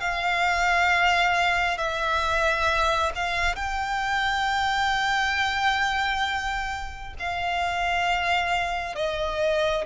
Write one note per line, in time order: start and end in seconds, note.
0.00 1.77 F5
1.77 3.12 E5
3.15 3.56 F5
3.56 7.14 G5
7.19 8.95 F5
8.95 9.85 D#5